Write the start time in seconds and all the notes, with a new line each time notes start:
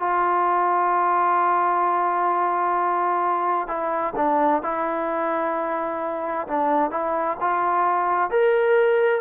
0.00 F4
3.68 E4
4.17 D4
4.63 E4
6.48 D4
6.91 E4
7.41 F4
8.31 A#4